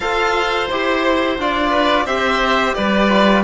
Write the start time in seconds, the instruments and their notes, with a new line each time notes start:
0.00 cello F4, trombone A4, oboe C5, violin F5
0.68 cello E4, trombone G4, violin C5
1.38 cello D4, trombone F4, violin D5
1.70 oboe B4
2.04 cello C4, trombone G4, oboe C5, violin E5
2.74 cello G3, oboe B4, violin D5
3.09 trombone F4